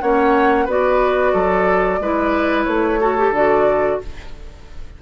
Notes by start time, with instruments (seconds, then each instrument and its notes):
0.00 bassoon A#3, clarinet C#4, oboe C#5, flute F#5
0.65 bassoon B3, clarinet F#4, oboe B4, flute D5
1.32 bassoon F#3, oboe A4
1.99 bassoon G#3, clarinet E4, oboe B4
2.64 bassoon A3, flute C#5
3.00 clarinet F#4, oboe A4
3.17 clarinet G4
3.30 bassoon D3, clarinet F#4, flute D5